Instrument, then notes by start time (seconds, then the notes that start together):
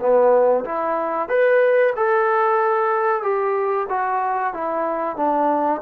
trombone
0.00 B3
0.65 E4
1.28 B4
1.96 A4
3.22 G4
3.89 F#4
4.54 E4
5.16 D4